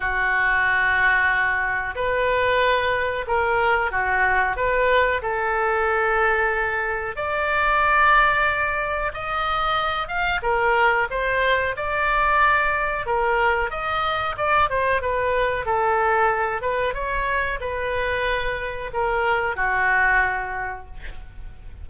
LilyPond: \new Staff \with { instrumentName = "oboe" } { \time 4/4 \tempo 4 = 92 fis'2. b'4~ | b'4 ais'4 fis'4 b'4 | a'2. d''4~ | d''2 dis''4. f''8 |
ais'4 c''4 d''2 | ais'4 dis''4 d''8 c''8 b'4 | a'4. b'8 cis''4 b'4~ | b'4 ais'4 fis'2 | }